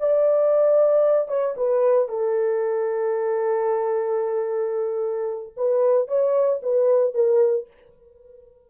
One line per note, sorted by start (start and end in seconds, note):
0.00 1.28 D5
1.28 1.55 C#5
1.56 2.09 B4
2.09 5.54 A4
5.57 6.08 B4
6.08 6.61 C#5
6.62 7.14 B4
7.14 7.67 A#4